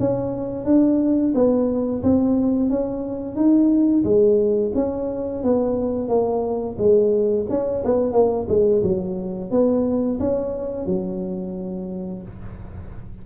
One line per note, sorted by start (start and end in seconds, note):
0.00 0.65 C#4
0.65 1.34 D4
1.35 2.03 B3
2.03 2.70 C4
2.70 3.36 C#4
3.36 4.04 D#4
4.04 4.72 G#3
4.75 5.43 C#4
5.43 6.09 B3
6.09 6.77 A#3
6.78 7.46 G#3
7.50 7.84 C#4
7.85 8.13 B3
8.13 8.47 A#3
8.49 8.83 G#3
8.83 9.51 F#3
9.51 10.19 B3
10.20 10.86 C#4
10.86 12.23 F#3